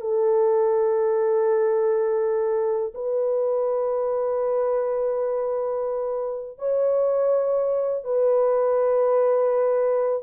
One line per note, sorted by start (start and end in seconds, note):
0.00 2.93 A4
2.94 6.58 B4
6.58 8.04 C#5
8.04 10.23 B4